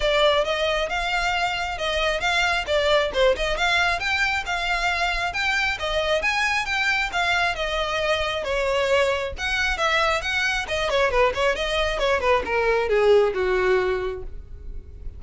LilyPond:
\new Staff \with { instrumentName = "violin" } { \time 4/4 \tempo 4 = 135 d''4 dis''4 f''2 | dis''4 f''4 d''4 c''8 dis''8 | f''4 g''4 f''2 | g''4 dis''4 gis''4 g''4 |
f''4 dis''2 cis''4~ | cis''4 fis''4 e''4 fis''4 | dis''8 cis''8 b'8 cis''8 dis''4 cis''8 b'8 | ais'4 gis'4 fis'2 | }